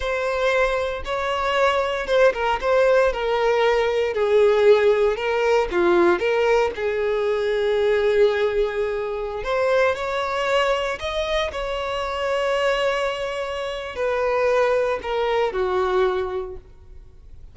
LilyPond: \new Staff \with { instrumentName = "violin" } { \time 4/4 \tempo 4 = 116 c''2 cis''2 | c''8 ais'8 c''4 ais'2 | gis'2 ais'4 f'4 | ais'4 gis'2.~ |
gis'2~ gis'16 c''4 cis''8.~ | cis''4~ cis''16 dis''4 cis''4.~ cis''16~ | cis''2. b'4~ | b'4 ais'4 fis'2 | }